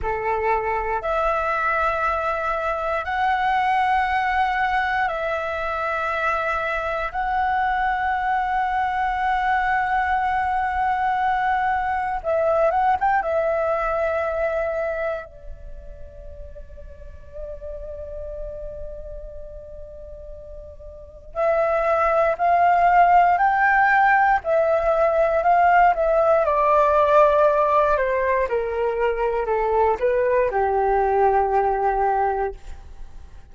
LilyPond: \new Staff \with { instrumentName = "flute" } { \time 4/4 \tempo 4 = 59 a'4 e''2 fis''4~ | fis''4 e''2 fis''4~ | fis''1 | e''8 fis''16 g''16 e''2 d''4~ |
d''1~ | d''4 e''4 f''4 g''4 | e''4 f''8 e''8 d''4. c''8 | ais'4 a'8 b'8 g'2 | }